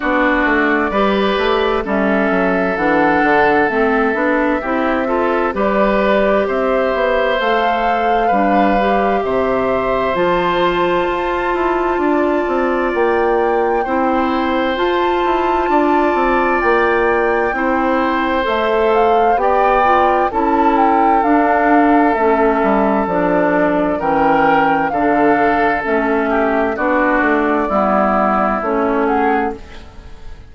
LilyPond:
<<
  \new Staff \with { instrumentName = "flute" } { \time 4/4 \tempo 4 = 65 d''2 e''4 fis''4 | e''2 d''4 e''4 | f''2 e''4 a''4~ | a''2 g''2 |
a''2 g''2 | e''8 f''8 g''4 a''8 g''8 f''4 | e''4 d''4 g''4 f''4 | e''4 d''2 cis''8 fis''8 | }
  \new Staff \with { instrumentName = "oboe" } { \time 4/4 fis'4 b'4 a'2~ | a'4 g'8 a'8 b'4 c''4~ | c''4 b'4 c''2~ | c''4 d''2 c''4~ |
c''4 d''2 c''4~ | c''4 d''4 a'2~ | a'2 ais'4 a'4~ | a'8 g'8 fis'4 e'4. gis'8 | }
  \new Staff \with { instrumentName = "clarinet" } { \time 4/4 d'4 g'4 cis'4 d'4 | c'8 d'8 e'8 f'8 g'2 | a'4 d'8 g'4. f'4~ | f'2. e'4 |
f'2. e'4 | a'4 g'8 f'8 e'4 d'4 | cis'4 d'4 cis'4 d'4 | cis'4 d'4 b4 cis'4 | }
  \new Staff \with { instrumentName = "bassoon" } { \time 4/4 b8 a8 g8 a8 g8 fis8 e8 d8 | a8 b8 c'4 g4 c'8 b8 | a4 g4 c4 f4 | f'8 e'8 d'8 c'8 ais4 c'4 |
f'8 e'8 d'8 c'8 ais4 c'4 | a4 b4 cis'4 d'4 | a8 g8 f4 e4 d4 | a4 b8 a8 g4 a4 | }
>>